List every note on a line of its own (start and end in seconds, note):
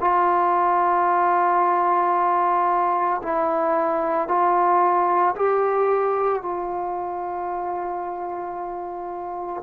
0.00 3.21 F4
3.22 4.28 E4
4.28 5.35 F4
5.35 6.41 G4
6.41 9.62 F4